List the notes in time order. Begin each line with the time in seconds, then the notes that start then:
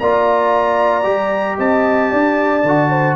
0.00 A#3 F4 D5 A#5
1.03 G3 G4
1.59 C4 D#5 A5
2.12 D4 D5
2.64 D3 F#4
2.90 C5